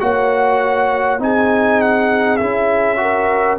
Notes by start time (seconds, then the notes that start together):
0.00 A#3 F#4 C#5 F#5
1.20 C4 D#4 G#4 G#5
1.81 F#5
2.37 C#4 E4 E5
2.97 F#4 A#4